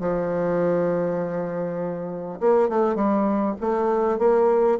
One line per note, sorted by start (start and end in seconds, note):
0.00 2.40 F3
2.40 2.69 A#3
2.69 2.95 A3
2.95 3.55 G3
3.61 4.19 A3
4.19 4.79 A#3